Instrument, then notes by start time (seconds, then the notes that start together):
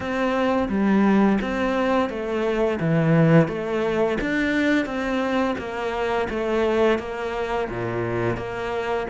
cello
0.00 C4
0.68 G3
1.41 C4
2.09 A3
2.80 E3
3.48 A3
4.21 D4
4.85 C4
5.58 A#3
6.29 A3
6.98 A#3
7.69 A#2
8.37 A#3